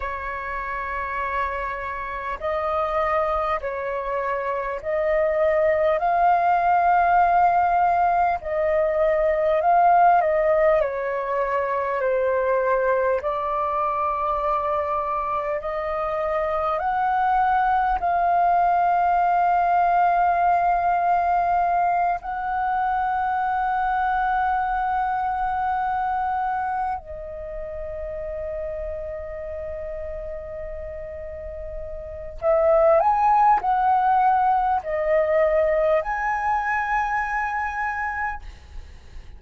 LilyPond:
\new Staff \with { instrumentName = "flute" } { \time 4/4 \tempo 4 = 50 cis''2 dis''4 cis''4 | dis''4 f''2 dis''4 | f''8 dis''8 cis''4 c''4 d''4~ | d''4 dis''4 fis''4 f''4~ |
f''2~ f''8 fis''4.~ | fis''2~ fis''8 dis''4.~ | dis''2. e''8 gis''8 | fis''4 dis''4 gis''2 | }